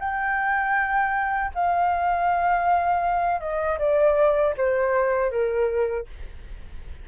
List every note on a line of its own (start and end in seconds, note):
0.00 1.52 G5
1.55 3.40 F5
3.40 3.78 D#5
3.79 4.55 D5
4.58 5.31 C5
5.31 6.07 A#4